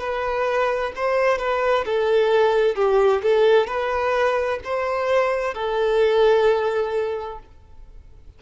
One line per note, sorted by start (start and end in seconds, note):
0.00 0.92 B4
0.96 1.38 C5
1.38 1.85 B4
1.85 2.76 A4
2.76 3.22 G4
3.23 3.67 A4
3.67 4.59 B4
4.64 5.54 C5
5.54 7.39 A4